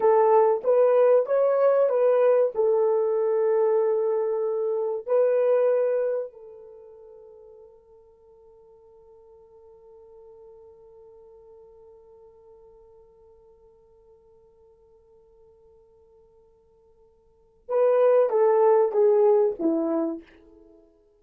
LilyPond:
\new Staff \with { instrumentName = "horn" } { \time 4/4 \tempo 4 = 95 a'4 b'4 cis''4 b'4 | a'1 | b'2 a'2~ | a'1~ |
a'1~ | a'1~ | a'1 | b'4 a'4 gis'4 e'4 | }